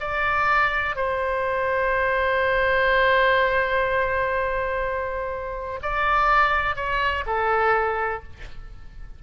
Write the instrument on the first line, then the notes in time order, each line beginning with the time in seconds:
oboe
0.00 D5
0.96 C5
5.82 D5
6.76 C#5
7.26 A4